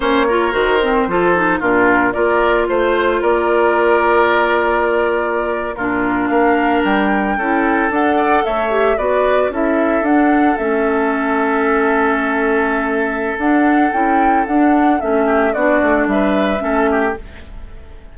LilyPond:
<<
  \new Staff \with { instrumentName = "flute" } { \time 4/4 \tempo 4 = 112 cis''4 c''2 ais'4 | d''4 c''4 d''2~ | d''2~ d''8. ais'4 f''16~ | f''8. g''2 fis''4 e''16~ |
e''8. d''4 e''4 fis''4 e''16~ | e''1~ | e''4 fis''4 g''4 fis''4 | e''4 d''4 e''2 | }
  \new Staff \with { instrumentName = "oboe" } { \time 4/4 c''8 ais'4. a'4 f'4 | ais'4 c''4 ais'2~ | ais'2~ ais'8. f'4 ais'16~ | ais'4.~ ais'16 a'4. d''8 cis''16~ |
cis''8. b'4 a'2~ a'16~ | a'1~ | a'1~ | a'8 g'8 fis'4 b'4 a'8 g'8 | }
  \new Staff \with { instrumentName = "clarinet" } { \time 4/4 cis'8 f'8 fis'8 c'8 f'8 dis'8 d'4 | f'1~ | f'2~ f'8. d'4~ d'16~ | d'4.~ d'16 e'4 a'4~ a'16~ |
a'16 g'8 fis'4 e'4 d'4 cis'16~ | cis'1~ | cis'4 d'4 e'4 d'4 | cis'4 d'2 cis'4 | }
  \new Staff \with { instrumentName = "bassoon" } { \time 4/4 ais4 dis4 f4 ais,4 | ais4 a4 ais2~ | ais2~ ais8. ais,4 ais16~ | ais8. g4 cis'4 d'4 a16~ |
a8. b4 cis'4 d'4 a16~ | a1~ | a4 d'4 cis'4 d'4 | a4 b8 a8 g4 a4 | }
>>